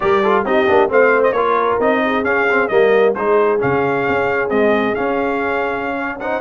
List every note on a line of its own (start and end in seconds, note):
0.00 0.44 G3
0.00 0.23 G4
0.00 0.23 A#4
0.00 0.45 D5
0.23 0.45 F4
0.23 0.45 A4
0.44 0.66 C4
0.44 0.67 D#4
0.44 0.90 G4
0.44 0.91 D#5
0.67 0.89 A#3
0.67 0.89 D4
0.89 1.31 A3
0.89 1.34 C4
0.89 1.34 C5
0.89 1.23 F5
1.23 1.32 D#5
1.31 1.77 A#3
1.31 1.81 F4
1.31 2.02 A#4
1.31 1.77 C#5
1.79 2.24 C4
1.79 2.24 D#4
1.79 2.24 D#5
2.04 2.72 G#4
2.24 2.46 C#4
2.24 2.69 C#4
2.24 2.67 F5
2.50 2.69 C4
2.67 3.15 G3
2.67 3.14 A#3
2.67 3.15 A#4
2.67 3.13 D#5
3.14 3.60 G#3
3.14 3.59 D#4
3.14 5.96 G#4
3.14 3.59 C5
3.59 4.08 C#3
3.59 4.49 C#4
3.59 4.49 F5
4.08 4.49 C#4
4.49 4.96 G#3
4.49 4.94 C4
4.49 4.94 D#5
4.94 6.20 C#4
4.94 6.40 C#4
4.94 6.18 F5
5.96 6.19 C#5
6.19 6.40 D#4
6.19 6.40 C5
6.19 6.40 F#5